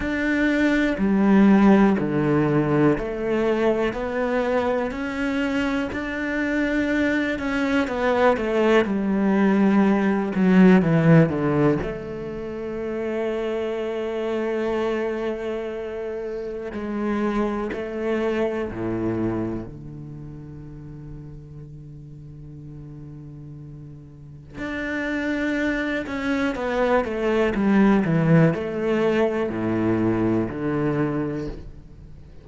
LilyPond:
\new Staff \with { instrumentName = "cello" } { \time 4/4 \tempo 4 = 61 d'4 g4 d4 a4 | b4 cis'4 d'4. cis'8 | b8 a8 g4. fis8 e8 d8 | a1~ |
a4 gis4 a4 a,4 | d1~ | d4 d'4. cis'8 b8 a8 | g8 e8 a4 a,4 d4 | }